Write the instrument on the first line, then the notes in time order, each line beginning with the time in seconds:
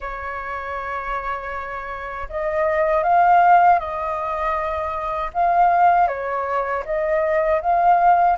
flute
0.00 C#5
2.29 D#5
3.03 F5
3.79 D#5
5.33 F5
6.07 C#5
6.85 D#5
7.61 F5